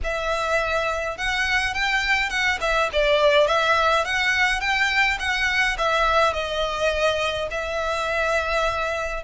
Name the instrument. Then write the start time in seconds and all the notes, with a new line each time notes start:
violin
0.03 E5
1.17 F#5
1.74 G5
2.29 F#5
2.60 E5
2.93 D5
3.47 E5
4.04 F#5
4.60 G5
5.19 F#5
5.77 E5
6.33 D#5
7.50 E5